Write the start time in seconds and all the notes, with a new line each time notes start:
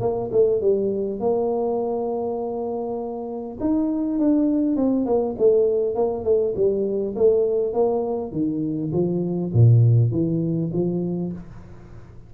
0.00 A#3
0.31 A3
0.60 G3
1.20 A#3
3.60 D#4
4.19 D4
4.76 C4
5.05 A#3
5.38 A3
5.95 A#3
6.24 A3
6.55 G3
7.15 A3
7.73 A#3
8.32 D#3
8.92 F3
9.53 A#2
10.11 E3
10.73 F3